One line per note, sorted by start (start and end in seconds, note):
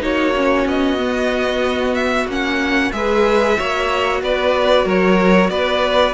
0.00 0.65 A#3
0.00 0.32 D#4
0.00 2.93 F#4
0.00 0.67 C#5
0.36 0.98 C#4
0.65 2.26 B3
0.65 1.94 D#5
0.98 2.27 B3
1.94 2.27 E5
2.26 2.91 A#3
2.26 2.93 C#4
2.26 2.92 F#5
2.92 3.57 G#3
2.92 3.57 G#4
2.92 3.58 B4
2.92 4.21 E5
3.58 4.22 A#3
3.58 6.14 F#4
3.58 4.22 C#5
4.22 4.85 B3
4.22 4.85 B4
4.22 4.88 D5
4.85 5.49 F#3
4.85 5.50 A#4
4.85 5.50 C#5
5.49 6.14 B3
5.49 6.14 B4
5.49 6.14 D5